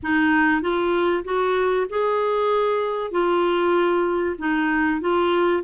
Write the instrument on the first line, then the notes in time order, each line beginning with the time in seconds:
clarinet
0.02 D#4
0.61 F4
1.24 F#4
1.89 G#4
3.11 F4
4.38 D#4
5.00 F4